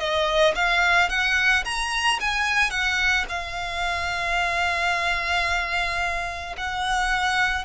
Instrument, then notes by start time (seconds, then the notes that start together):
violin
0.00 D#5
0.56 F5
1.10 F#5
1.65 A#5
2.21 G#5
2.71 F#5
3.29 F5
6.58 F#5